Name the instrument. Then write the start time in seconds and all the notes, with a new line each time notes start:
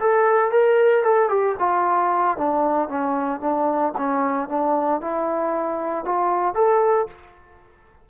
trombone
0.00 A4
0.52 A#4
1.04 A4
1.29 G4
1.59 F4
2.38 D4
2.89 C#4
3.40 D4
3.98 C#4
4.49 D4
5.01 E4
6.05 F4
6.55 A4